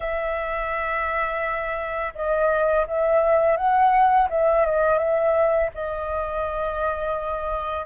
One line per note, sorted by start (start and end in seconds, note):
0.00 2.13 E5
2.15 2.86 D#5
2.87 3.56 E5
3.56 4.28 F#5
4.29 4.65 E5
4.65 4.98 D#5
4.98 5.69 E5
5.74 7.86 D#5